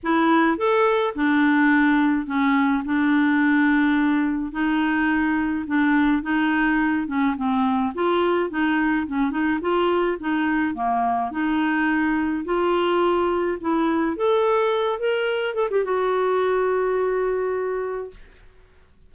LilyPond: \new Staff \with { instrumentName = "clarinet" } { \time 4/4 \tempo 4 = 106 e'4 a'4 d'2 | cis'4 d'2. | dis'2 d'4 dis'4~ | dis'8 cis'8 c'4 f'4 dis'4 |
cis'8 dis'8 f'4 dis'4 ais4 | dis'2 f'2 | e'4 a'4. ais'4 a'16 g'16 | fis'1 | }